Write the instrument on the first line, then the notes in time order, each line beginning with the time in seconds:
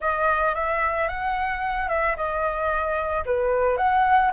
flute
0.00 D#5
0.54 E5
1.08 F#5
1.88 E5
2.16 D#5
3.25 B4
3.77 F#5